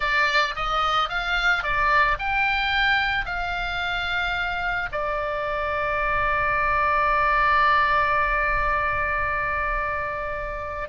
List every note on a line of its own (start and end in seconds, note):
0.00 0.55 D5
0.55 1.09 D#5
1.09 1.63 F5
1.63 2.17 D5
2.18 3.25 G5
3.25 4.89 F5
4.92 10.88 D5